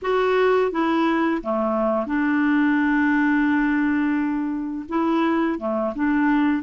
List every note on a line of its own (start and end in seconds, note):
0.02 0.71 F#4
0.71 1.41 E4
1.42 2.06 A3
2.06 4.85 D4
4.88 5.58 E4
5.58 5.93 A3
5.95 6.62 D4